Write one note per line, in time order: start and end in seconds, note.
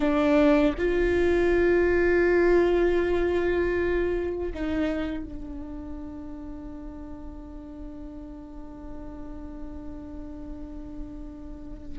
0.00 0.74 D4
0.77 4.52 F4
4.54 5.24 D#4
5.24 11.98 D4